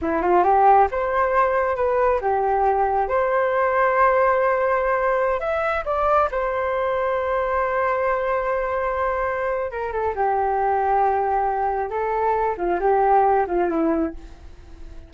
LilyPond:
\new Staff \with { instrumentName = "flute" } { \time 4/4 \tempo 4 = 136 e'8 f'8 g'4 c''2 | b'4 g'2 c''4~ | c''1~ | c''16 e''4 d''4 c''4.~ c''16~ |
c''1~ | c''2 ais'8 a'8 g'4~ | g'2. a'4~ | a'8 f'8 g'4. f'8 e'4 | }